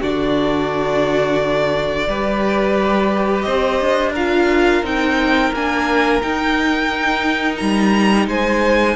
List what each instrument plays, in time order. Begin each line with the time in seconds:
0.00 cello D3, viola D4, violin F#4 D5
2.07 cello G3, viola G4, violin B4
3.41 cello C4, violin C5 D#5
3.80 cello D4
4.12 viola F4, violin A#4 F5
4.82 cello C4, viola D#4, violin G5
5.53 cello A#3, viola D4, violin G#5
6.21 viola D#4, cello D#4, violin G5
7.57 cello G3, violin A#5
8.27 cello G#3, violin C5 G#5